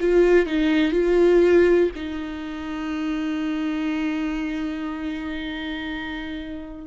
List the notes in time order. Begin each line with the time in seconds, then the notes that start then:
0.00 F4
0.46 D#4
0.92 F4
1.95 D#4